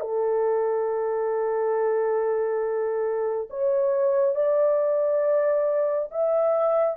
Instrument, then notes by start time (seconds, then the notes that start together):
horn
0.00 A4
3.49 C#5
4.35 D5
6.11 E5